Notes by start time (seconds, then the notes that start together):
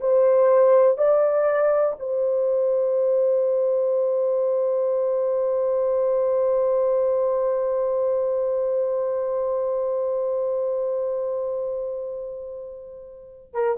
0.00 C5
0.97 D5
1.99 C5
13.53 A#4